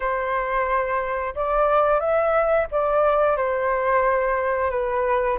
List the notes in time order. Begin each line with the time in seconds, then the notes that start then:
0.00 C5
1.35 D5
1.99 E5
2.71 D5
3.36 C5
4.70 B4